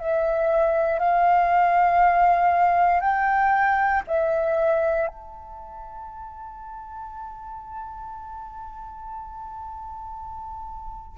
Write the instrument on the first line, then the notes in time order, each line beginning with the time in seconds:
flute
0.00 E5
0.99 F5
3.01 G5
4.07 E5
5.07 A5